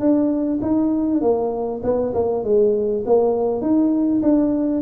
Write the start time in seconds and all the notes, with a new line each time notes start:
0.00 D4
0.62 D#4
1.21 A#3
1.84 B3
2.14 A#3
2.44 G#3
3.06 A#3
3.61 D#4
4.22 D4